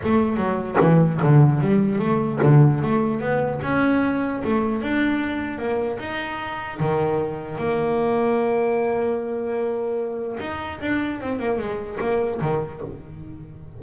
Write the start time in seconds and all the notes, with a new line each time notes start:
0.03 A3
0.36 F#3
0.80 E3
1.22 D3
1.60 G3
1.98 A3
2.42 D3
2.81 A3
3.20 B3
3.62 C#4
4.44 A3
4.81 D4
5.58 A#3
5.99 D#4
6.79 D#3
7.58 A#3
10.40 D#4
10.81 D4
11.21 C4
11.39 A#3
11.58 G#3
12.00 A#3
12.41 D#3